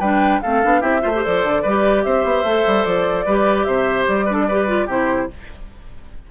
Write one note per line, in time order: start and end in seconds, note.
0.00 0.41 G3
0.00 0.43 D4
0.00 0.41 B4
0.00 0.41 G5
0.42 0.65 A3
0.42 0.63 C4
0.42 0.81 A4
0.42 0.82 F5
0.63 0.83 B3
0.63 0.81 D4
0.81 1.03 C4
0.81 1.01 E4
0.81 1.01 G4
0.81 1.23 E5
1.02 1.26 A3
1.02 1.12 F4
1.02 1.63 C5
1.15 1.23 G4
1.23 1.44 F3
1.23 1.63 A4
1.23 2.04 D5
1.44 1.64 D3
1.63 2.06 G3
1.63 2.46 G4
1.63 2.03 B4
2.04 2.24 C4
2.04 3.26 C5
2.04 2.85 E5
2.24 2.44 B3
2.44 2.65 A3
2.44 3.27 A4
2.67 2.86 G3
2.85 3.26 F3
2.85 3.64 D5
3.26 3.67 G3
3.26 4.29 G4
3.26 3.66 B4
3.64 4.08 C3
3.64 4.26 C5
3.64 4.05 E5
4.08 4.87 G3
4.08 4.89 D5
4.26 4.49 D4
4.26 4.34 B4
4.34 4.44 A4
4.48 4.68 G4
4.48 4.86 B4
4.68 4.88 F4
4.86 5.28 C3
4.86 5.29 E4
4.86 5.27 G4
4.86 5.31 C5